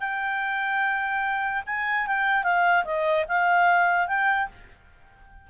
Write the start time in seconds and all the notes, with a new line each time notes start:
0.00 G5
1.67 G#5
2.08 G5
2.44 F5
2.85 D#5
3.29 F5
4.08 G5